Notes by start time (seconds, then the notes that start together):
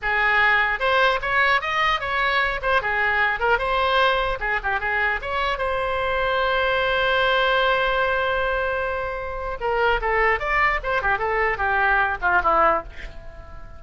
0.02 G#4
0.79 C5
1.21 C#5
1.61 D#5
2.00 C#5
2.62 C5
2.81 G#4
3.39 A#4
3.58 C5
4.40 G#4
4.63 G4
4.80 G#4
5.21 C#5
5.58 C5
9.60 A#4
10.01 A4
10.39 D5
10.83 C5
11.02 G4
11.18 A4
11.57 G4
12.21 F4
12.43 E4